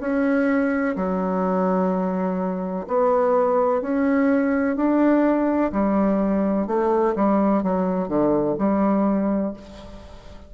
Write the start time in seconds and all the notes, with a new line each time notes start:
0.00 C#4
0.96 F#3
2.87 B3
3.81 C#4
4.76 D4
5.72 G3
6.67 A3
7.15 G3
7.63 F#3
8.08 D3
8.58 G3